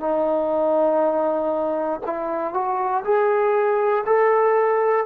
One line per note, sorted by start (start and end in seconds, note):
0.00 2.00 D#4
2.05 2.53 E4
2.53 3.03 F#4
3.04 4.04 G#4
4.06 5.05 A4